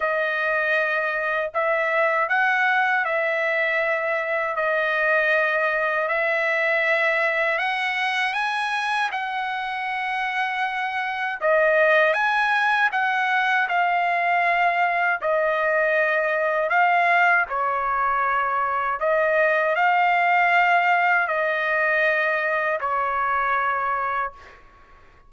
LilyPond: \new Staff \with { instrumentName = "trumpet" } { \time 4/4 \tempo 4 = 79 dis''2 e''4 fis''4 | e''2 dis''2 | e''2 fis''4 gis''4 | fis''2. dis''4 |
gis''4 fis''4 f''2 | dis''2 f''4 cis''4~ | cis''4 dis''4 f''2 | dis''2 cis''2 | }